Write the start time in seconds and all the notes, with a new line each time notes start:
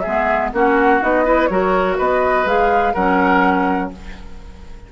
0.00 G#3 B3 G#4 E5
0.53 A#3 C#4 F#4 F#5
1.01 B3 D#4 D#5
1.25 E4 B4
1.46 F#3 F#4 A#4 C#5
1.97 B3 B4 D#5
2.45 G#3 G#4 F5
2.93 F#3 C#4 A#4 F#5